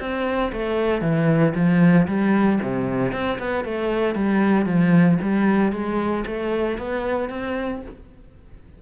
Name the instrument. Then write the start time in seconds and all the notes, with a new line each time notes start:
cello
0.00 C4
0.52 A3
1.02 E3
1.55 F3
2.08 G3
2.62 C3
3.12 C4
3.39 B3
3.65 A3
4.15 G3
4.66 F3
5.22 G3
5.72 G#3
6.27 A3
6.78 B3
7.30 C4